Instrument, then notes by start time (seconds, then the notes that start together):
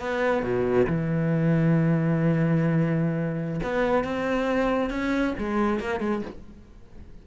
cello
0.00 B3
0.43 B2
0.87 E3
3.64 B3
4.05 C4
4.91 C#4
5.39 G#3
5.80 A#3
6.01 G#3